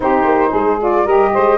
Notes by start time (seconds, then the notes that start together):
0.00 C4 D#4 G4 C5
0.24 A#3
0.49 G#3 G#4
0.80 F4 D5
1.04 G3 G4 A#4 D#5
1.33 G#3 C5